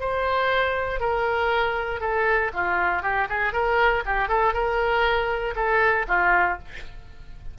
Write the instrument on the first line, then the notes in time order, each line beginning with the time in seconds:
oboe
0.00 C5
1.00 A#4
2.01 A4
2.53 F4
3.03 G4
3.29 G#4
3.53 A#4
4.06 G4
4.29 A4
4.54 A#4
5.56 A4
6.08 F4